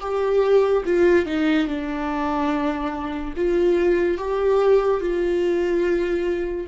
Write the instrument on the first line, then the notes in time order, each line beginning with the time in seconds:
viola
0.00 G4
0.85 F4
1.26 D#4
1.67 D4
3.36 F4
4.17 G4
5.00 F4